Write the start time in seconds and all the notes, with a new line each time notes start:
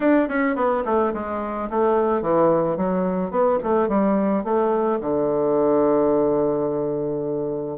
0.00 D4
0.28 C#4
0.55 B3
0.85 A3
1.13 G#3
1.69 A3
2.21 E3
2.76 F#3
3.30 B3
3.63 A3
3.88 G3
4.44 A3
5.00 D3